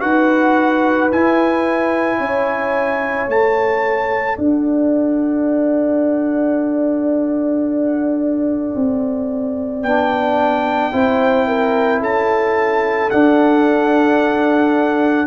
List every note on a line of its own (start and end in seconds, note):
0.00 1.11 D#4
0.00 1.09 F#4
0.00 2.17 B4
0.00 1.10 F#5
1.11 2.19 E4
1.11 3.29 E4
1.11 3.29 G#5
2.17 3.27 C#4
2.17 4.36 C#5
3.27 4.37 A3
3.27 9.83 A4
3.27 4.38 A5
4.36 8.74 D4
4.36 10.90 D5
4.36 9.83 F#5
8.75 9.82 C4
9.82 10.91 B3
9.82 10.91 D4
9.82 12.01 G5
10.91 12.01 C4
10.91 13.10 E4
10.91 11.47 C5
11.47 12.00 A#4
12.00 13.10 C#4
12.00 15.27 A4
12.00 13.10 A5
13.10 15.27 D4
13.10 15.27 F#5